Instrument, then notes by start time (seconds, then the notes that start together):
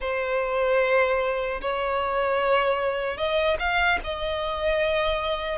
violin
0.00 C5
1.61 C#5
3.17 D#5
3.59 F5
4.04 D#5